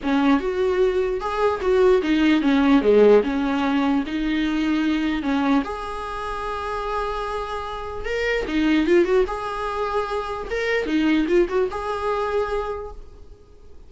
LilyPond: \new Staff \with { instrumentName = "viola" } { \time 4/4 \tempo 4 = 149 cis'4 fis'2 gis'4 | fis'4 dis'4 cis'4 gis4 | cis'2 dis'2~ | dis'4 cis'4 gis'2~ |
gis'1 | ais'4 dis'4 f'8 fis'8 gis'4~ | gis'2 ais'4 dis'4 | f'8 fis'8 gis'2. | }